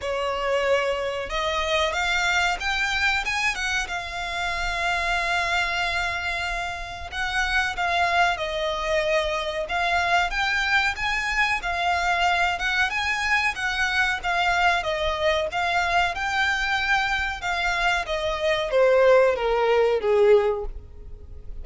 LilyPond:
\new Staff \with { instrumentName = "violin" } { \time 4/4 \tempo 4 = 93 cis''2 dis''4 f''4 | g''4 gis''8 fis''8 f''2~ | f''2. fis''4 | f''4 dis''2 f''4 |
g''4 gis''4 f''4. fis''8 | gis''4 fis''4 f''4 dis''4 | f''4 g''2 f''4 | dis''4 c''4 ais'4 gis'4 | }